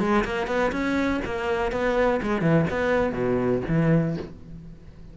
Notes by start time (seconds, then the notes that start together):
0.00 G#3
0.25 A#3
0.47 B3
0.72 C#4
1.25 A#3
1.72 B3
2.23 G#3
2.42 E3
2.70 B3
3.13 B2
3.69 E3